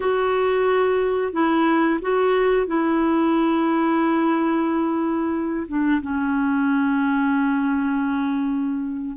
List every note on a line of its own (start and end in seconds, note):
0.00 1.32 F#4
1.32 1.99 E4
2.01 2.67 F#4
2.67 5.67 E4
5.68 6.01 D4
6.01 9.16 C#4